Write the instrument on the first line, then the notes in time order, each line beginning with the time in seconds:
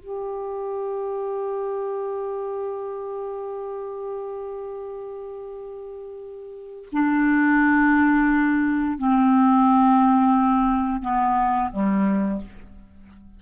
clarinet
0.00 G4
6.92 D4
8.98 C4
11.02 B3
11.72 G3